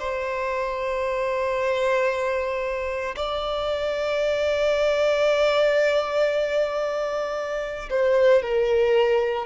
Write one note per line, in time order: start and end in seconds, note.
0.00 3.16 C5
3.16 7.90 D5
7.90 8.43 C5
8.43 9.46 A#4